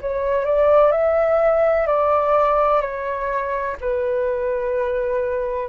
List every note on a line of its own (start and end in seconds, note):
0.00 0.44 C#5
0.44 0.91 D5
0.91 1.86 E5
1.87 2.81 D5
2.81 3.76 C#5
3.81 5.69 B4